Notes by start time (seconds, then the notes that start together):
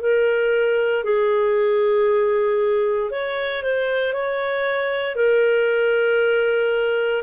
0.00 A#4
1.03 G#4
3.10 C#5
3.62 C5
4.12 C#5
5.15 A#4